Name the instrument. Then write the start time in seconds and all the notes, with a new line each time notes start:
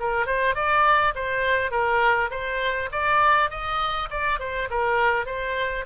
oboe
0.00 A#4
0.26 C5
0.55 D5
1.16 C5
1.71 A#4
2.31 C5
2.92 D5
3.51 D#5
4.10 D5
4.40 C5
4.71 A#4
5.26 C5